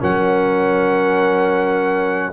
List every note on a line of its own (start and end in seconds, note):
0.00 2.34 F#3
0.00 2.33 C#4
0.00 2.33 A#4
0.00 2.34 F#5